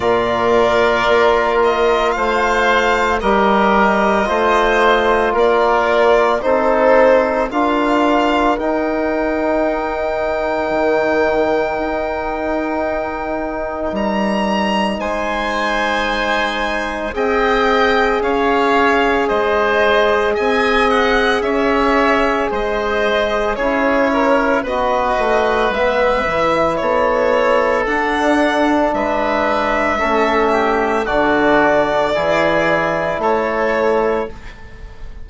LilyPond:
<<
  \new Staff \with { instrumentName = "violin" } { \time 4/4 \tempo 4 = 56 d''4. dis''8 f''4 dis''4~ | dis''4 d''4 c''4 f''4 | g''1~ | g''4 ais''4 gis''2 |
g''4 f''4 dis''4 gis''8 fis''8 | e''4 dis''4 cis''4 dis''4 | e''4 cis''4 fis''4 e''4~ | e''4 d''2 cis''4 | }
  \new Staff \with { instrumentName = "oboe" } { \time 4/4 ais'2 c''4 ais'4 | c''4 ais'4 a'4 ais'4~ | ais'1~ | ais'2 c''2 |
dis''4 cis''4 c''4 dis''4 | cis''4 c''4 gis'8 ais'8 b'4~ | b'4 a'2 b'4 | a'8 g'8 fis'4 gis'4 a'4 | }
  \new Staff \with { instrumentName = "trombone" } { \time 4/4 f'2. g'4 | f'2 dis'4 f'4 | dis'1~ | dis'1 |
gis'1~ | gis'2 e'4 fis'4 | b8 e'4. d'2 | cis'4 d'4 e'2 | }
  \new Staff \with { instrumentName = "bassoon" } { \time 4/4 ais,4 ais4 a4 g4 | a4 ais4 c'4 d'4 | dis'2 dis4 dis'4~ | dis'4 g4 gis2 |
c'4 cis'4 gis4 c'4 | cis'4 gis4 cis'4 b8 a8 | gis8 e8 b4 d'4 gis4 | a4 d4 e4 a4 | }
>>